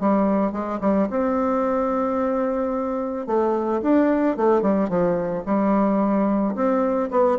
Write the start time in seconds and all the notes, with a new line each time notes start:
0.00 G3
0.52 G#3
0.81 G3
1.10 C4
3.27 A3
3.82 D4
4.37 A3
4.62 G3
4.89 F3
5.46 G3
6.55 C4
7.11 B3